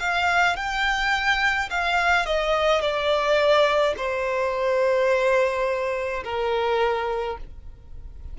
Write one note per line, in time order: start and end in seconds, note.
0.00 0.56 F5
0.56 1.69 G5
1.70 2.25 F5
2.25 2.81 D#5
2.81 3.94 D5
3.97 6.23 C5
6.24 7.37 A#4